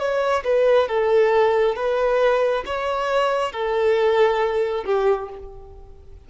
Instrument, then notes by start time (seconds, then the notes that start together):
violin
0.00 C#5
0.45 B4
0.89 A4
1.76 B4
2.66 C#5
3.53 A4
4.86 G4